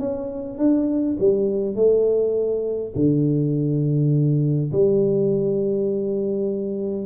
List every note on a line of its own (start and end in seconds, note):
0.00 0.59 C#4
0.59 1.18 D4
1.20 1.76 G3
1.76 2.94 A3
2.96 4.72 D3
4.72 7.06 G3